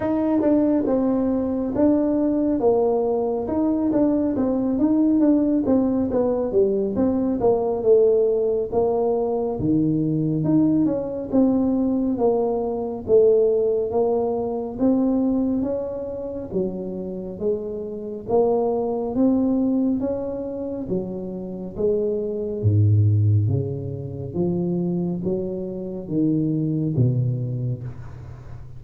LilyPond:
\new Staff \with { instrumentName = "tuba" } { \time 4/4 \tempo 4 = 69 dis'8 d'8 c'4 d'4 ais4 | dis'8 d'8 c'8 dis'8 d'8 c'8 b8 g8 | c'8 ais8 a4 ais4 dis4 | dis'8 cis'8 c'4 ais4 a4 |
ais4 c'4 cis'4 fis4 | gis4 ais4 c'4 cis'4 | fis4 gis4 gis,4 cis4 | f4 fis4 dis4 b,4 | }